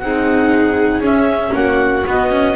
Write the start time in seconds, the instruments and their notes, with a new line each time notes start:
0.00 double bass C4, cello D#4, violin G#4, clarinet F#5
1.00 double bass C#4, cello C#4, clarinet E5
1.55 double bass A#3, violin F#4, clarinet F#5
2.06 cello B3, double bass B3, clarinet D#5
2.31 cello C#4